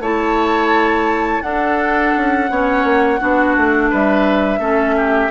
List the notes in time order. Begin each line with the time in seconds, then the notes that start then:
0.00 A3 E4 C#5 A5
1.42 D4 A4 F#5
2.17 C#4
2.50 B3 C#4 C#5
2.84 A#3
3.19 B3 D4 F#4
3.56 A3
3.90 G3 B4 E5
4.59 A3 C#4 A4
4.97 G4